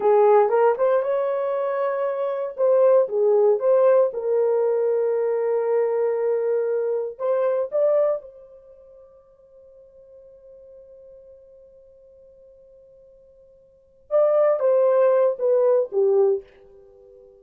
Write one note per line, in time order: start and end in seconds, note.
0.00 0.49 G#4
0.49 0.74 A#4
0.77 1.02 C5
1.02 2.56 C#5
2.56 3.08 C5
3.08 3.59 G#4
3.59 4.10 C5
4.13 7.18 A#4
7.18 7.69 C5
7.71 8.21 D5
8.21 14.10 C5
14.10 14.59 D5
14.59 15.36 C5
15.38 15.90 B4
15.92 16.43 G4